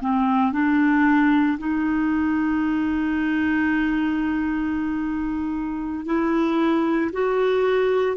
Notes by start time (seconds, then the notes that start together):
0.00 C4
0.52 D4
1.58 D#4
6.05 E4
7.12 F#4